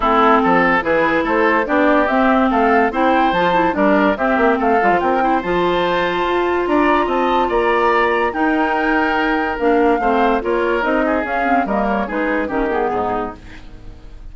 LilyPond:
<<
  \new Staff \with { instrumentName = "flute" } { \time 4/4 \tempo 4 = 144 a'2 b'4 c''4 | d''4 e''4 f''4 g''4 | a''4 d''4 e''4 f''4 | g''4 a''2. |
ais''4 a''4 ais''2 | g''2. f''4~ | f''4 cis''4 dis''4 f''4 | dis''8 cis''8 b'4 ais'8 gis'4. | }
  \new Staff \with { instrumentName = "oboe" } { \time 4/4 e'4 a'4 gis'4 a'4 | g'2 a'4 c''4~ | c''4 ais'4 g'4 a'4 | ais'8 c''2.~ c''8 |
d''4 dis''4 d''2 | ais'1 | c''4 ais'4. gis'4. | ais'4 gis'4 g'4 dis'4 | }
  \new Staff \with { instrumentName = "clarinet" } { \time 4/4 c'2 e'2 | d'4 c'2 e'4 | f'8 e'8 d'4 c'4. f'8~ | f'8 e'8 f'2.~ |
f'1 | dis'2. d'4 | c'4 f'4 dis'4 cis'8 c'8 | ais4 dis'4 cis'8 b4. | }
  \new Staff \with { instrumentName = "bassoon" } { \time 4/4 a4 f4 e4 a4 | b4 c'4 a4 c'4 | f4 g4 c'8 ais8 a8 g16 f16 | c'4 f2 f'4 |
d'4 c'4 ais2 | dis'2. ais4 | a4 ais4 c'4 cis'4 | g4 gis4 dis4 gis,4 | }
>>